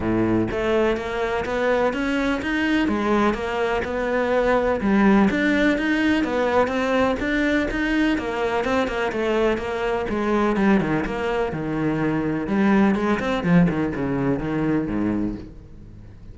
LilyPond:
\new Staff \with { instrumentName = "cello" } { \time 4/4 \tempo 4 = 125 a,4 a4 ais4 b4 | cis'4 dis'4 gis4 ais4 | b2 g4 d'4 | dis'4 b4 c'4 d'4 |
dis'4 ais4 c'8 ais8 a4 | ais4 gis4 g8 dis8 ais4 | dis2 g4 gis8 c'8 | f8 dis8 cis4 dis4 gis,4 | }